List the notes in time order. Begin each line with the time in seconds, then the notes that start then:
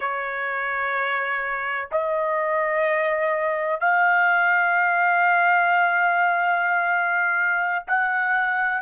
0.00 C#5
1.91 D#5
3.80 F5
7.87 F#5